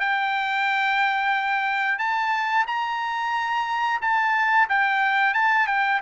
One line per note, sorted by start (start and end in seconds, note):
0.00 1.98 G5
1.98 2.65 A5
2.67 4.00 A#5
4.02 4.68 A5
4.69 5.34 G5
5.34 5.67 A5
5.67 6.00 G5